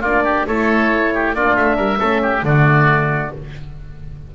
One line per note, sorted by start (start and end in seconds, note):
0.00 0.44 A#3
0.00 0.49 D4
0.00 0.23 F4
0.00 0.47 D5
0.25 0.47 G4
0.47 1.34 A3
0.47 1.36 E4
0.47 1.14 A4
0.47 1.35 C#5
1.15 1.36 G4
1.34 1.56 A#3
1.34 1.99 D4
1.34 1.77 F4
1.34 1.56 D5
1.56 1.78 A3
1.56 2.44 E5
1.77 2.00 G3
1.77 1.99 A#4
1.99 2.43 A3
1.99 2.43 C#4
1.99 2.22 A4
2.23 2.45 G4
2.43 3.31 D3
2.43 3.33 A3
2.43 3.35 F#4
2.43 3.33 D5